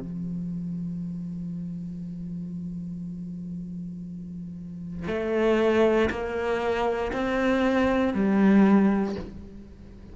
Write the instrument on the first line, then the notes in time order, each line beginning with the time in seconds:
cello
0.00 F3
5.07 A3
6.10 A#3
7.12 C4
8.14 G3